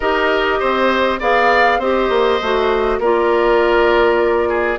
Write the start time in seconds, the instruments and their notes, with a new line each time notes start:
0.00 bassoon D#4, clarinet G4, oboe A#4, flute D#5
0.59 bassoon C4, oboe C5
1.19 bassoon B3, clarinet G#4, oboe D5, flute F5
1.78 bassoon C4, clarinet G4, oboe C5, flute D#5
2.09 bassoon A#3
2.42 bassoon A3, clarinet F#4
2.99 bassoon A#3, clarinet F4, oboe A#4, flute D5
4.48 oboe G#4